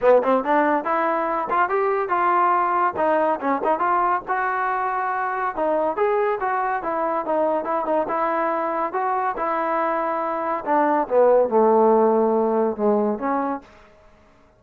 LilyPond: \new Staff \with { instrumentName = "trombone" } { \time 4/4 \tempo 4 = 141 b8 c'8 d'4 e'4. f'8 | g'4 f'2 dis'4 | cis'8 dis'8 f'4 fis'2~ | fis'4 dis'4 gis'4 fis'4 |
e'4 dis'4 e'8 dis'8 e'4~ | e'4 fis'4 e'2~ | e'4 d'4 b4 a4~ | a2 gis4 cis'4 | }